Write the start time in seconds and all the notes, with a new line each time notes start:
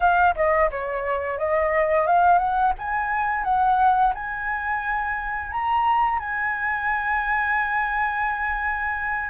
0.00 F5
0.35 D#5
0.70 C#5
1.38 D#5
2.07 F5
2.38 F#5
2.78 G#5
3.44 F#5
4.14 G#5
5.51 A#5
6.19 G#5